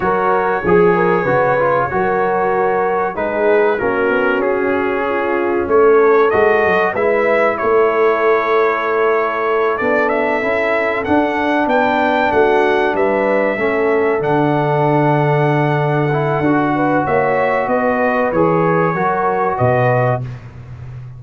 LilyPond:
<<
  \new Staff \with { instrumentName = "trumpet" } { \time 4/4 \tempo 4 = 95 cis''1~ | cis''4 b'4 ais'4 gis'4~ | gis'4 cis''4 dis''4 e''4 | cis''2.~ cis''8 d''8 |
e''4. fis''4 g''4 fis''8~ | fis''8 e''2 fis''4.~ | fis''2. e''4 | dis''4 cis''2 dis''4 | }
  \new Staff \with { instrumentName = "horn" } { \time 4/4 ais'4 gis'8 ais'8 b'4 ais'4~ | ais'4 gis'4 fis'2 | f'4 a'2 b'4 | a'1~ |
a'2~ a'8 b'4 fis'8~ | fis'8 b'4 a'2~ a'8~ | a'2~ a'8 b'8 cis''4 | b'2 ais'4 b'4 | }
  \new Staff \with { instrumentName = "trombone" } { \time 4/4 fis'4 gis'4 fis'8 f'8 fis'4~ | fis'4 dis'4 cis'2~ | cis'2 fis'4 e'4~ | e'2.~ e'8 d'8~ |
d'8 e'4 d'2~ d'8~ | d'4. cis'4 d'4.~ | d'4. e'8 fis'2~ | fis'4 gis'4 fis'2 | }
  \new Staff \with { instrumentName = "tuba" } { \time 4/4 fis4 f4 cis4 fis4~ | fis4 gis4 ais8 b8 cis'4~ | cis'4 a4 gis8 fis8 gis4 | a2.~ a8 b8~ |
b8 cis'4 d'4 b4 a8~ | a8 g4 a4 d4.~ | d2 d'4 ais4 | b4 e4 fis4 b,4 | }
>>